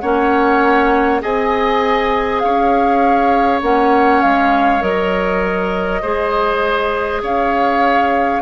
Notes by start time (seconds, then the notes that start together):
0.00 A#3 C#4 C#5 F#5
1.21 C4 G#4 D#5 G#5
2.40 C#4 C#5 F5
3.62 A#3 C#4 F#5
4.22 G#3 F5
4.81 F#3 A#4 D#5
6.02 G#3 G#4 C5
7.22 C#4 C#5 F5